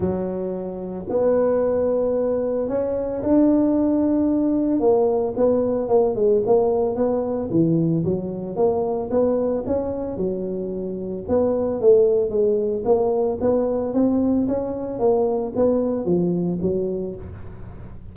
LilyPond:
\new Staff \with { instrumentName = "tuba" } { \time 4/4 \tempo 4 = 112 fis2 b2~ | b4 cis'4 d'2~ | d'4 ais4 b4 ais8 gis8 | ais4 b4 e4 fis4 |
ais4 b4 cis'4 fis4~ | fis4 b4 a4 gis4 | ais4 b4 c'4 cis'4 | ais4 b4 f4 fis4 | }